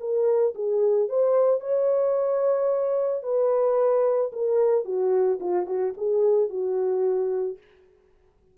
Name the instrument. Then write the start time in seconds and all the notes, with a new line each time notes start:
horn
0.00 A#4
0.55 G#4
1.09 C5
1.60 C#5
3.23 B4
4.32 A#4
4.85 F#4
5.40 F4
5.66 F#4
5.97 G#4
6.49 F#4